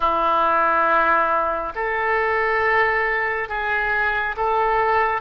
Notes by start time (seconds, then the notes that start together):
0.00 E4
1.75 A4
3.48 G#4
4.37 A4